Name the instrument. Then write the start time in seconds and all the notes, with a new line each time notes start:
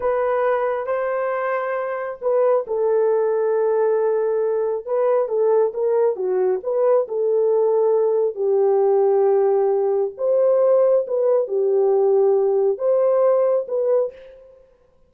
horn
0.00 B4
0.86 C5
2.21 B4
2.67 A4
4.85 B4
5.28 A4
5.73 A#4
6.16 F#4
6.63 B4
7.07 A4
8.35 G4
10.17 C5
11.07 B4
11.47 G4
12.78 C5
13.68 B4